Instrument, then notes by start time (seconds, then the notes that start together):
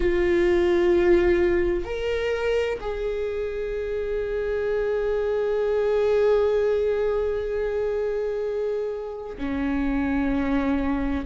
viola
0.00 F4
1.85 A#4
2.80 G#4
9.37 C#4